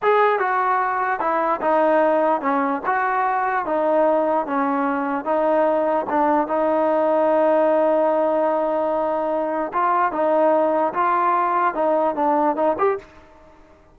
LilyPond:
\new Staff \with { instrumentName = "trombone" } { \time 4/4 \tempo 4 = 148 gis'4 fis'2 e'4 | dis'2 cis'4 fis'4~ | fis'4 dis'2 cis'4~ | cis'4 dis'2 d'4 |
dis'1~ | dis'1 | f'4 dis'2 f'4~ | f'4 dis'4 d'4 dis'8 g'8 | }